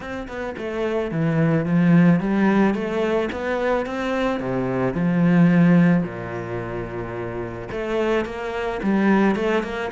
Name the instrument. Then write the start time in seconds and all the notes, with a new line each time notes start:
cello
0.00 C4
0.28 B3
0.57 A3
1.11 E3
1.65 F3
2.20 G3
2.74 A3
3.32 B3
3.86 C4
4.40 C3
4.94 F3
6.03 A#2
7.71 A3
8.25 A#3
8.82 G3
9.35 A3
9.63 A#3